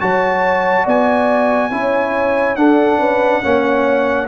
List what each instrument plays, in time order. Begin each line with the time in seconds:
0.00 tuba F#3, trombone F#4, horn C#5, trumpet A5
0.84 tuba B3, horn D5, trumpet G#5
1.71 tuba C#4, trombone E4, horn C#5
2.56 tuba D4, trombone D4, horn A4, trumpet F#5
2.99 tuba C#4, horn B4
3.42 tuba A#3, trombone C#4, horn C#5